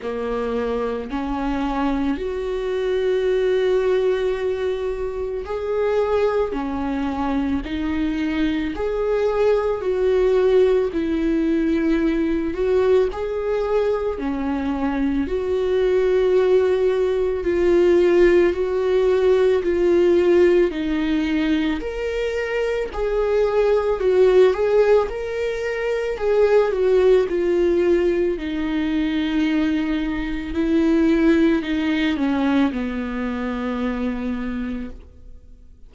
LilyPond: \new Staff \with { instrumentName = "viola" } { \time 4/4 \tempo 4 = 55 ais4 cis'4 fis'2~ | fis'4 gis'4 cis'4 dis'4 | gis'4 fis'4 e'4. fis'8 | gis'4 cis'4 fis'2 |
f'4 fis'4 f'4 dis'4 | ais'4 gis'4 fis'8 gis'8 ais'4 | gis'8 fis'8 f'4 dis'2 | e'4 dis'8 cis'8 b2 | }